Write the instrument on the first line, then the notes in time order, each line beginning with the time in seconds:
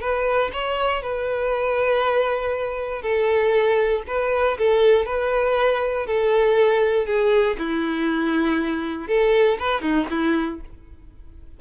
violin
0.00 B4
0.52 C#5
1.02 B4
3.02 A4
4.07 B4
4.58 A4
5.05 B4
6.06 A4
7.06 G#4
7.58 E4
9.07 A4
9.58 B4
9.81 D#4
10.10 E4